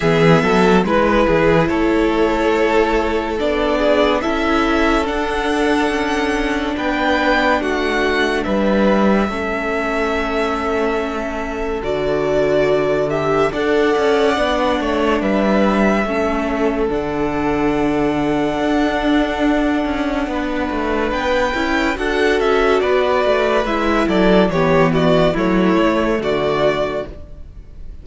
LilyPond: <<
  \new Staff \with { instrumentName = "violin" } { \time 4/4 \tempo 4 = 71 e''4 b'4 cis''2 | d''4 e''4 fis''2 | g''4 fis''4 e''2~ | e''2 d''4. e''8 |
fis''2 e''2 | fis''1~ | fis''4 g''4 fis''8 e''8 d''4 | e''8 d''8 cis''8 d''8 cis''4 d''4 | }
  \new Staff \with { instrumentName = "violin" } { \time 4/4 gis'8 a'8 b'8 gis'8 a'2~ | a'8 gis'8 a'2. | b'4 fis'4 b'4 a'4~ | a'1 |
d''4. cis''8 b'4 a'4~ | a'1 | b'2 a'4 b'4~ | b'8 a'8 g'8 fis'8 e'4 fis'4 | }
  \new Staff \with { instrumentName = "viola" } { \time 4/4 b4 e'2. | d'4 e'4 d'2~ | d'2. cis'4~ | cis'2 fis'4. g'8 |
a'4 d'2 cis'4 | d'1~ | d'4. e'8 fis'2 | e'4 b4 a2 | }
  \new Staff \with { instrumentName = "cello" } { \time 4/4 e8 fis8 gis8 e8 a2 | b4 cis'4 d'4 cis'4 | b4 a4 g4 a4~ | a2 d2 |
d'8 cis'8 b8 a8 g4 a4 | d2 d'4. cis'8 | b8 a8 b8 cis'8 d'8 cis'8 b8 a8 | gis8 fis8 e4 fis8 a8 d4 | }
>>